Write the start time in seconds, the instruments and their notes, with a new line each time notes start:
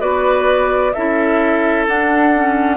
0.00 bassoon B3, clarinet F#4, oboe B4, flute D5
0.93 bassoon C#4, clarinet E4, oboe A4, flute E5
1.88 bassoon D4, clarinet D4, flute F#5
2.35 clarinet C#4